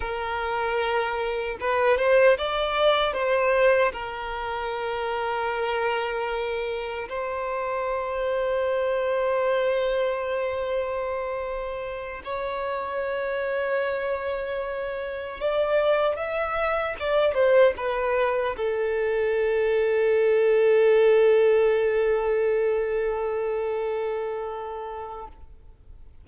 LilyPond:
\new Staff \with { instrumentName = "violin" } { \time 4/4 \tempo 4 = 76 ais'2 b'8 c''8 d''4 | c''4 ais'2.~ | ais'4 c''2.~ | c''2.~ c''8 cis''8~ |
cis''2.~ cis''8 d''8~ | d''8 e''4 d''8 c''8 b'4 a'8~ | a'1~ | a'1 | }